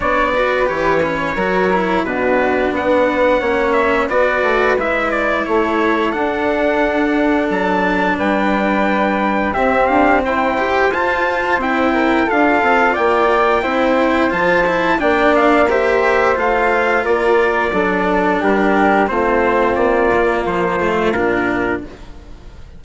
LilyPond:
<<
  \new Staff \with { instrumentName = "trumpet" } { \time 4/4 \tempo 4 = 88 d''4 cis''2 b'4 | fis''4. e''8 d''4 e''8 d''8 | cis''4 fis''2 a''4 | g''2 e''8 f''8 g''4 |
a''4 g''4 f''4 g''4~ | g''4 a''4 g''8 f''8 e''4 | f''4 d''2 ais'4 | c''4 d''4 c''4 ais'4 | }
  \new Staff \with { instrumentName = "flute" } { \time 4/4 cis''8 b'4. ais'4 fis'4 | b'4 cis''4 b'2 | a'1 | b'2 g'4 c''4~ |
c''4. ais'8 a'4 d''4 | c''2 d''4 c''4~ | c''4 ais'4 a'4 g'4 | f'1 | }
  \new Staff \with { instrumentName = "cello" } { \time 4/4 d'8 fis'8 g'8 cis'8 fis'8 e'8 d'4~ | d'4 cis'4 fis'4 e'4~ | e'4 d'2.~ | d'2 c'4. g'8 |
f'4 e'4 f'2 | e'4 f'8 e'8 d'4 g'4 | f'2 d'2 | c'4. ais4 a8 d'4 | }
  \new Staff \with { instrumentName = "bassoon" } { \time 4/4 b4 e4 fis4 b,4 | b4 ais4 b8 a8 gis4 | a4 d'2 fis4 | g2 c'8 d'8 e'4 |
f'4 c'4 d'8 c'8 ais4 | c'4 f4 ais2 | a4 ais4 fis4 g4 | a4 ais4 f4 ais,4 | }
>>